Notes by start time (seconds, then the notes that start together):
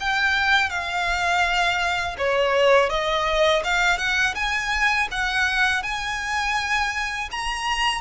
0.00 G5
0.70 F5
2.18 C#5
2.89 D#5
3.64 F5
3.98 F#5
4.35 G#5
5.11 F#5
5.83 G#5
7.31 A#5